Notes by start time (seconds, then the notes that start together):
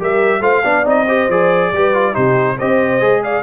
0.00 G3 G4 A#4 E5
0.41 A3 F4 C5 F5
0.64 B3 D4 D5
0.85 C4 D#4 D#5
1.07 G4 C5
1.29 F3 G#4 D5
1.72 G3 G4 B4
1.94 F4
2.14 C3 D#4 G4 C5
2.58 C4 G4 C5 D#5
3.01 G#3 G#4
3.24 D5 F5